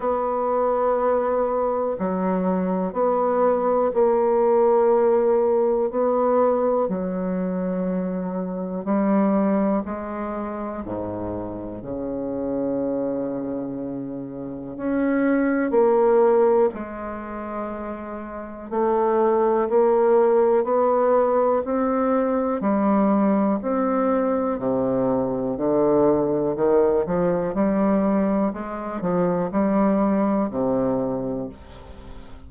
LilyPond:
\new Staff \with { instrumentName = "bassoon" } { \time 4/4 \tempo 4 = 61 b2 fis4 b4 | ais2 b4 fis4~ | fis4 g4 gis4 gis,4 | cis2. cis'4 |
ais4 gis2 a4 | ais4 b4 c'4 g4 | c'4 c4 d4 dis8 f8 | g4 gis8 f8 g4 c4 | }